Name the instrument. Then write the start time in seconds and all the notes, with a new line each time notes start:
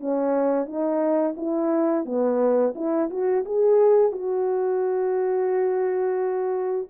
horn
0.00 C#4
0.66 D#4
1.37 E4
2.05 B3
2.75 E4
3.10 F#4
3.45 G#4
4.12 F#4